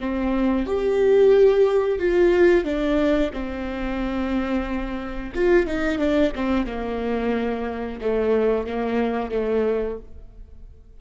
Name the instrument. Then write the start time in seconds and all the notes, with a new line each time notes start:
viola
0.00 C4
0.66 G4
1.99 F4
2.64 D4
3.33 C4
5.35 F4
5.67 D#4
5.98 D4
6.35 C4
6.66 A#3
8.01 A3
8.67 A#3
9.31 A3